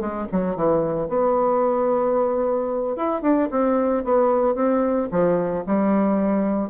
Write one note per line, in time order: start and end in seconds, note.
0.00 0.27 G#3
0.32 0.56 F#3
0.56 1.09 E3
1.09 2.96 B3
2.96 3.22 E4
3.22 3.49 D4
3.51 4.04 C4
4.04 4.55 B3
4.55 5.09 C4
5.11 5.65 F3
5.66 6.70 G3